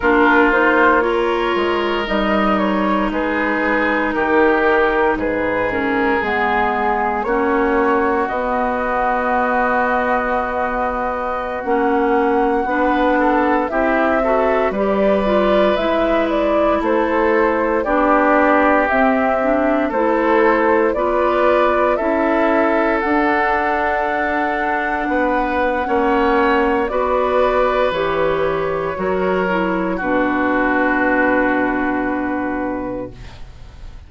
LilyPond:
<<
  \new Staff \with { instrumentName = "flute" } { \time 4/4 \tempo 4 = 58 ais'8 c''8 cis''4 dis''8 cis''8 b'4 | ais'4 b'8 ais'8 gis'4 cis''4 | dis''2.~ dis''16 fis''8.~ | fis''4~ fis''16 e''4 d''4 e''8 d''16~ |
d''16 c''4 d''4 e''4 c''8.~ | c''16 d''4 e''4 fis''4.~ fis''16~ | fis''2 d''4 cis''4~ | cis''4 b'2. | }
  \new Staff \with { instrumentName = "oboe" } { \time 4/4 f'4 ais'2 gis'4 | g'4 gis'2 fis'4~ | fis'1~ | fis'16 b'8 a'8 g'8 a'8 b'4.~ b'16~ |
b'16 a'4 g'2 a'8.~ | a'16 b'4 a'2~ a'8.~ | a'16 b'8. cis''4 b'2 | ais'4 fis'2. | }
  \new Staff \with { instrumentName = "clarinet" } { \time 4/4 d'8 dis'8 f'4 dis'2~ | dis'4. cis'8 b4 cis'4 | b2.~ b16 cis'8.~ | cis'16 d'4 e'8 fis'8 g'8 f'8 e'8.~ |
e'4~ e'16 d'4 c'8 d'8 e'8.~ | e'16 f'4 e'4 d'4.~ d'16~ | d'4 cis'4 fis'4 g'4 | fis'8 e'8 d'2. | }
  \new Staff \with { instrumentName = "bassoon" } { \time 4/4 ais4. gis8 g4 gis4 | dis4 gis,4 gis4 ais4 | b2.~ b16 ais8.~ | ais16 b4 c'4 g4 gis8.~ |
gis16 a4 b4 c'4 a8.~ | a16 b4 cis'4 d'4.~ d'16~ | d'16 b8. ais4 b4 e4 | fis4 b,2. | }
>>